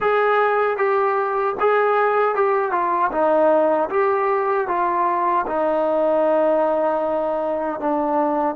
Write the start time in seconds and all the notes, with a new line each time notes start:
0.00 G#4
0.77 G4
1.60 G#4
2.35 G4
2.71 F4
3.11 D#4
3.89 G4
4.68 F4
5.47 D#4
7.80 D4